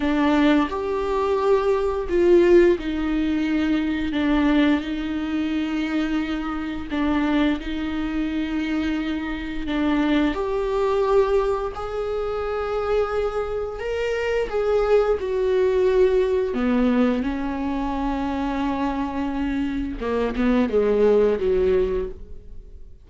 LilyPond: \new Staff \with { instrumentName = "viola" } { \time 4/4 \tempo 4 = 87 d'4 g'2 f'4 | dis'2 d'4 dis'4~ | dis'2 d'4 dis'4~ | dis'2 d'4 g'4~ |
g'4 gis'2. | ais'4 gis'4 fis'2 | b4 cis'2.~ | cis'4 ais8 b8 gis4 fis4 | }